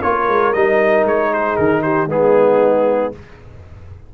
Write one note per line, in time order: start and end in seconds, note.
0.00 0.28 A#3
0.00 0.54 F4
0.00 1.29 A#4
0.00 0.53 C#5
0.28 0.53 G#3
0.53 1.04 G3
0.53 2.09 D#4
0.53 1.04 D#5
1.04 1.56 G#3
1.04 1.33 C#5
1.33 1.83 G#4
1.33 1.56 C5
1.56 2.06 D#3
1.56 1.82 A#4
1.82 2.09 G4
1.82 2.08 C5
2.06 3.09 G#3
2.06 3.12 B3
2.06 3.13 D#4
2.06 3.13 G#4